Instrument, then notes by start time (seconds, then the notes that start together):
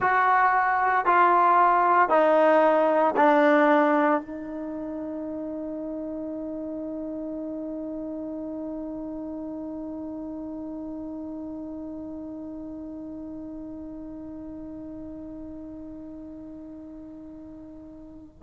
trombone
0.00 F#4
1.05 F4
2.09 D#4
3.16 D4
4.21 D#4